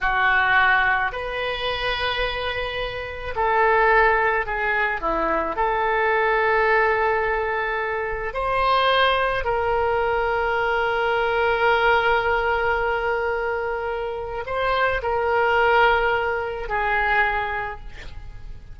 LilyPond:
\new Staff \with { instrumentName = "oboe" } { \time 4/4 \tempo 4 = 108 fis'2 b'2~ | b'2 a'2 | gis'4 e'4 a'2~ | a'2. c''4~ |
c''4 ais'2.~ | ais'1~ | ais'2 c''4 ais'4~ | ais'2 gis'2 | }